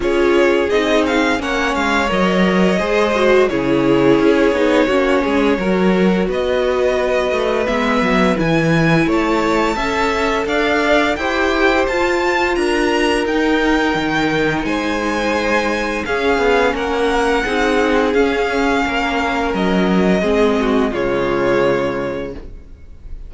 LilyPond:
<<
  \new Staff \with { instrumentName = "violin" } { \time 4/4 \tempo 4 = 86 cis''4 dis''8 f''8 fis''8 f''8 dis''4~ | dis''4 cis''2.~ | cis''4 dis''2 e''4 | gis''4 a''2 f''4 |
g''4 a''4 ais''4 g''4~ | g''4 gis''2 f''4 | fis''2 f''2 | dis''2 cis''2 | }
  \new Staff \with { instrumentName = "violin" } { \time 4/4 gis'2 cis''2 | c''4 gis'2 fis'8 gis'8 | ais'4 b'2.~ | b'4 cis''4 e''4 d''4 |
c''2 ais'2~ | ais'4 c''2 gis'4 | ais'4 gis'2 ais'4~ | ais'4 gis'8 fis'8 f'2 | }
  \new Staff \with { instrumentName = "viola" } { \time 4/4 f'4 dis'4 cis'4 ais'4 | gis'8 fis'8 e'4. dis'8 cis'4 | fis'2. b4 | e'2 a'2 |
g'4 f'2 dis'4~ | dis'2. cis'4~ | cis'4 dis'4 cis'2~ | cis'4 c'4 gis2 | }
  \new Staff \with { instrumentName = "cello" } { \time 4/4 cis'4 c'4 ais8 gis8 fis4 | gis4 cis4 cis'8 b8 ais8 gis8 | fis4 b4. a8 gis8 fis8 | e4 a4 cis'4 d'4 |
e'4 f'4 d'4 dis'4 | dis4 gis2 cis'8 b8 | ais4 c'4 cis'4 ais4 | fis4 gis4 cis2 | }
>>